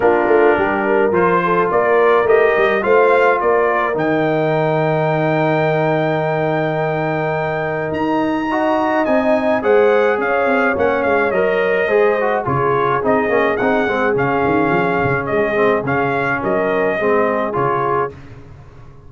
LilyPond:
<<
  \new Staff \with { instrumentName = "trumpet" } { \time 4/4 \tempo 4 = 106 ais'2 c''4 d''4 | dis''4 f''4 d''4 g''4~ | g''1~ | g''2 ais''2 |
gis''4 fis''4 f''4 fis''8 f''8 | dis''2 cis''4 dis''4 | fis''4 f''2 dis''4 | f''4 dis''2 cis''4 | }
  \new Staff \with { instrumentName = "horn" } { \time 4/4 f'4 g'8 ais'4 a'8 ais'4~ | ais'4 c''4 ais'2~ | ais'1~ | ais'2. dis''4~ |
dis''4 c''4 cis''2~ | cis''4 c''4 gis'2~ | gis'1~ | gis'4 ais'4 gis'2 | }
  \new Staff \with { instrumentName = "trombone" } { \time 4/4 d'2 f'2 | g'4 f'2 dis'4~ | dis'1~ | dis'2. fis'4 |
dis'4 gis'2 cis'4 | ais'4 gis'8 fis'8 f'4 dis'8 cis'8 | dis'8 c'8 cis'2~ cis'8 c'8 | cis'2 c'4 f'4 | }
  \new Staff \with { instrumentName = "tuba" } { \time 4/4 ais8 a8 g4 f4 ais4 | a8 g8 a4 ais4 dis4~ | dis1~ | dis2 dis'2 |
c'4 gis4 cis'8 c'8 ais8 gis8 | fis4 gis4 cis4 c'8 ais8 | c'8 gis8 cis8 dis8 f8 cis8 gis4 | cis4 fis4 gis4 cis4 | }
>>